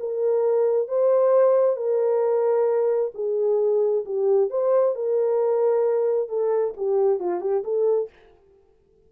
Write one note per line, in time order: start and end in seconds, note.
0.00 0.88 A#4
0.88 1.77 C5
1.77 3.12 A#4
3.15 4.05 G#4
4.06 4.50 G4
4.50 4.95 C5
4.95 6.29 A#4
6.29 6.74 A4
6.77 7.20 G4
7.20 7.41 F4
7.41 7.64 G4
7.64 8.09 A4